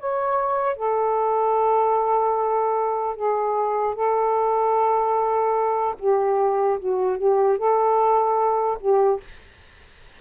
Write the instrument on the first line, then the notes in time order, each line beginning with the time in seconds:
saxophone
0.00 C#5
0.77 A4
3.16 G#4
3.95 A4
5.99 G4
6.80 F#4
7.18 G4
7.58 A4
8.81 G4